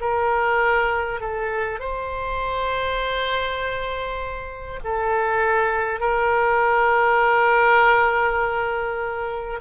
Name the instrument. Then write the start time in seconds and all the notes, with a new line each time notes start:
oboe
0.00 A#4
1.20 A4
1.79 C5
4.83 A4
6.00 A#4